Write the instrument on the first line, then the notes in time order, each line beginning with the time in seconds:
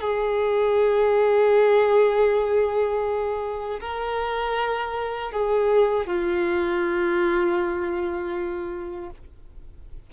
violin
0.00 G#4
3.80 A#4
5.31 G#4
6.06 F4